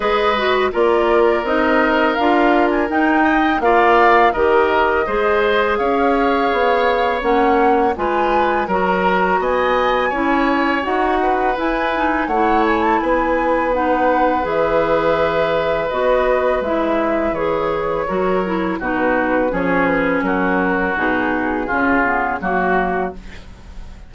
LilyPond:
<<
  \new Staff \with { instrumentName = "flute" } { \time 4/4 \tempo 4 = 83 dis''4 d''4 dis''4 f''8. gis''16 | g''4 f''4 dis''2 | f''2 fis''4 gis''4 | ais''4 gis''2 fis''4 |
gis''4 fis''8 gis''16 a''16 gis''4 fis''4 | e''2 dis''4 e''4 | cis''2 b'4 cis''8 b'8 | ais'4 gis'2 fis'4 | }
  \new Staff \with { instrumentName = "oboe" } { \time 4/4 b'4 ais'2.~ | ais'8 dis''8 d''4 ais'4 c''4 | cis''2. b'4 | ais'4 dis''4 cis''4. b'8~ |
b'4 cis''4 b'2~ | b'1~ | b'4 ais'4 fis'4 gis'4 | fis'2 f'4 fis'4 | }
  \new Staff \with { instrumentName = "clarinet" } { \time 4/4 gis'8 fis'8 f'4 dis'4 f'4 | dis'4 f'4 g'4 gis'4~ | gis'2 cis'4 f'4 | fis'2 e'4 fis'4 |
e'8 dis'8 e'2 dis'4 | gis'2 fis'4 e'4 | gis'4 fis'8 e'8 dis'4 cis'4~ | cis'4 dis'4 cis'8 b8 ais4 | }
  \new Staff \with { instrumentName = "bassoon" } { \time 4/4 gis4 ais4 c'4 d'4 | dis'4 ais4 dis4 gis4 | cis'4 b4 ais4 gis4 | fis4 b4 cis'4 dis'4 |
e'4 a4 b2 | e2 b4 gis4 | e4 fis4 b,4 f4 | fis4 b,4 cis4 fis4 | }
>>